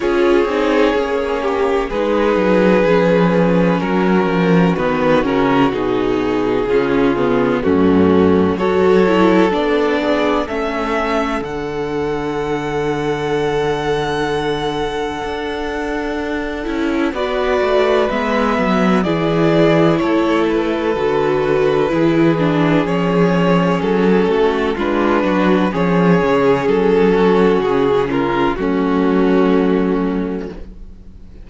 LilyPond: <<
  \new Staff \with { instrumentName = "violin" } { \time 4/4 \tempo 4 = 63 cis''2 b'2 | ais'4 b'8 ais'8 gis'2 | fis'4 cis''4 d''4 e''4 | fis''1~ |
fis''2 d''4 e''4 | d''4 cis''8 b'2~ b'8 | cis''4 a'4 b'4 cis''4 | a'4 gis'8 ais'8 fis'2 | }
  \new Staff \with { instrumentName = "violin" } { \time 4/4 gis'4. g'8 gis'2 | fis'2. f'4 | cis'4 a'4. gis'8 a'4~ | a'1~ |
a'2 b'2 | gis'4 a'2 gis'4~ | gis'4. fis'8 f'8 fis'8 gis'4~ | gis'8 fis'4 f'8 cis'2 | }
  \new Staff \with { instrumentName = "viola" } { \time 4/4 f'8 dis'8 cis'4 dis'4 cis'4~ | cis'4 b8 cis'8 dis'4 cis'8 b8 | a4 fis'8 e'8 d'4 cis'4 | d'1~ |
d'4. e'8 fis'4 b4 | e'2 fis'4 e'8 d'8 | cis'2 d'4 cis'4~ | cis'2 a2 | }
  \new Staff \with { instrumentName = "cello" } { \time 4/4 cis'8 c'8 ais4 gis8 fis8 f4 | fis8 f8 dis8 cis8 b,4 cis4 | fis,4 fis4 b4 a4 | d1 |
d'4. cis'8 b8 a8 gis8 fis8 | e4 a4 d4 e4 | f4 fis8 a8 gis8 fis8 f8 cis8 | fis4 cis4 fis2 | }
>>